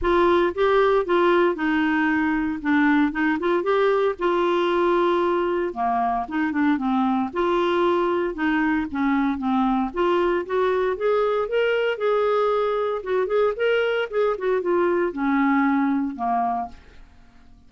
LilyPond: \new Staff \with { instrumentName = "clarinet" } { \time 4/4 \tempo 4 = 115 f'4 g'4 f'4 dis'4~ | dis'4 d'4 dis'8 f'8 g'4 | f'2. ais4 | dis'8 d'8 c'4 f'2 |
dis'4 cis'4 c'4 f'4 | fis'4 gis'4 ais'4 gis'4~ | gis'4 fis'8 gis'8 ais'4 gis'8 fis'8 | f'4 cis'2 ais4 | }